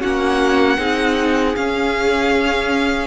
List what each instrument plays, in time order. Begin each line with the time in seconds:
0.00 cello A#3, viola C#4, violin F#4 F#5
0.77 cello C4, viola D#4, violin G#4
1.55 viola C#4, cello C#4, violin F5